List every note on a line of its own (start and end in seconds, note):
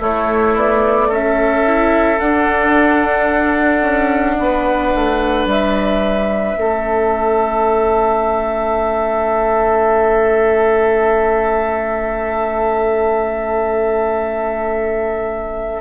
0.00 0.55 A3
0.00 1.64 A3
0.00 1.08 E4
0.00 0.57 C#5
0.56 1.10 B3
0.56 1.12 D5
1.08 2.20 C#4
1.08 4.35 A4
1.08 2.20 E5
1.67 2.19 E4
2.19 6.55 D4
2.19 3.82 D4
2.19 5.47 F#5
3.82 4.36 C#4
4.39 4.94 B3
4.39 6.60 B4
4.95 5.46 A3
5.46 6.55 G3
5.46 15.81 E5
6.55 15.81 A3
6.55 15.81 C#4
6.55 15.81 A4